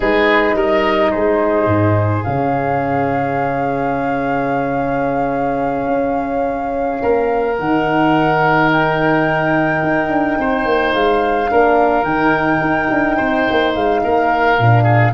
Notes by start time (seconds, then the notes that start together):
0.00 G#3 D#4 G#4 B4
0.54 G3 A#4 D#5
1.11 G#3 G#4 C5
1.66 G#2
2.23 C#3 C#4 F5
5.87 C#4
7.02 A#3 A#4
7.58 D#3 D#4 F#5
8.72 G5
9.82 D#4
10.09 D4
10.38 C4 C5
10.65 A#3
10.93 G#3 F5
11.48 A#3 D4 A#4
12.03 D#3 D#4 G5
12.60 D#4
12.91 D4
13.16 C4 C5
13.50 A#3
13.75 G#3 F5
14.03 A#3 A#4
14.58 A#2 D4
14.83 G#4